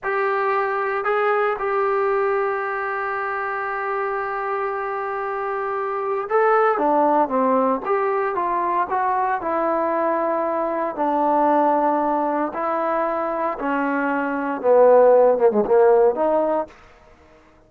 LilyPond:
\new Staff \with { instrumentName = "trombone" } { \time 4/4 \tempo 4 = 115 g'2 gis'4 g'4~ | g'1~ | g'1 | a'4 d'4 c'4 g'4 |
f'4 fis'4 e'2~ | e'4 d'2. | e'2 cis'2 | b4. ais16 gis16 ais4 dis'4 | }